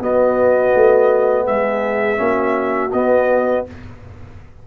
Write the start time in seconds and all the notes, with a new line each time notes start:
0.00 B3 F#4 D#5
0.75 A3
1.45 G#3 G#4 E5
2.17 A#3 C#4 F#4
2.93 B3 D#5